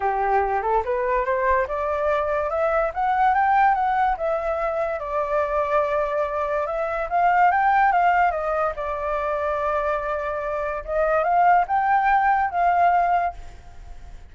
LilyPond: \new Staff \with { instrumentName = "flute" } { \time 4/4 \tempo 4 = 144 g'4. a'8 b'4 c''4 | d''2 e''4 fis''4 | g''4 fis''4 e''2 | d''1 |
e''4 f''4 g''4 f''4 | dis''4 d''2.~ | d''2 dis''4 f''4 | g''2 f''2 | }